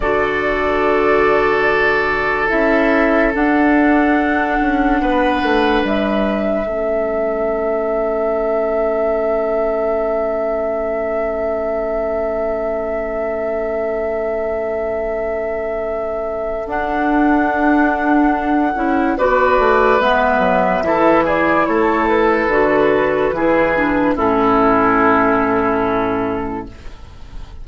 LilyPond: <<
  \new Staff \with { instrumentName = "flute" } { \time 4/4 \tempo 4 = 72 d''2. e''4 | fis''2. e''4~ | e''1~ | e''1~ |
e''1 | fis''2. d''4 | e''4. d''8 cis''8 b'4.~ | b'4 a'2. | }
  \new Staff \with { instrumentName = "oboe" } { \time 4/4 a'1~ | a'2 b'2 | a'1~ | a'1~ |
a'1~ | a'2. b'4~ | b'4 a'8 gis'8 a'2 | gis'4 e'2. | }
  \new Staff \with { instrumentName = "clarinet" } { \time 4/4 fis'2. e'4 | d'1 | cis'1~ | cis'1~ |
cis'1 | d'2~ d'8 e'8 fis'4 | b4 e'2 fis'4 | e'8 d'8 cis'2. | }
  \new Staff \with { instrumentName = "bassoon" } { \time 4/4 d2. cis'4 | d'4. cis'8 b8 a8 g4 | a1~ | a1~ |
a1 | d'2~ d'8 cis'8 b8 a8 | gis8 fis8 e4 a4 d4 | e4 a,2. | }
>>